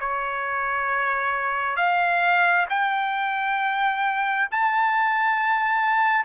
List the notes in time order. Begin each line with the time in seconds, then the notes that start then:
0.00 C#5
1.77 F5
2.69 G5
4.51 A5